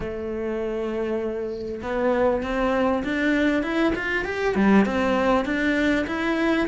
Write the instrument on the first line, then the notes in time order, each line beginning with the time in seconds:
cello
0.00 A3
1.82 B3
2.42 C4
3.04 D4
3.62 E4
3.95 F4
4.24 G4
4.55 G3
4.85 C4
5.45 D4
6.06 E4